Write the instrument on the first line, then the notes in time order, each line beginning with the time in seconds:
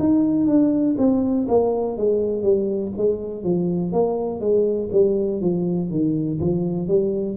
tuba
0.00 D#4
0.47 D4
0.98 C4
1.48 A#3
1.97 G#3
2.43 G3
2.97 G#3
3.44 F3
3.93 A#3
4.41 G#3
4.92 G3
5.41 F3
5.91 D#3
6.41 F3
6.88 G3